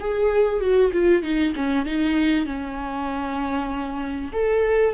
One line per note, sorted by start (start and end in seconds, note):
0.00 0.60 G#4
0.60 0.91 F#4
0.93 1.23 F4
1.23 1.54 D#4
1.55 1.85 C#4
1.85 2.45 D#4
2.45 4.31 C#4
4.32 4.94 A4